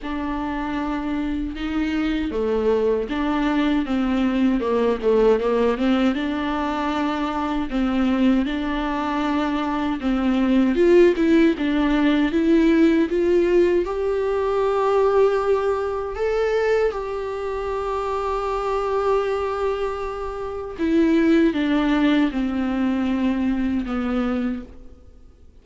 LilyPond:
\new Staff \with { instrumentName = "viola" } { \time 4/4 \tempo 4 = 78 d'2 dis'4 a4 | d'4 c'4 ais8 a8 ais8 c'8 | d'2 c'4 d'4~ | d'4 c'4 f'8 e'8 d'4 |
e'4 f'4 g'2~ | g'4 a'4 g'2~ | g'2. e'4 | d'4 c'2 b4 | }